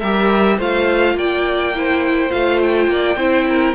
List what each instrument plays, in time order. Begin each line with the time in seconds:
0.00 cello G3, viola G4, violin A#4 E5
0.58 cello A3, viola F4, violin C5 F5
1.15 cello A#3, violin D5 G5
1.75 viola E4, violin C5
2.30 cello A3, viola F4, violin F5
2.62 violin G5
2.88 cello A#3, violin D5
3.16 cello C4, viola E4, violin C5
3.49 violin A#4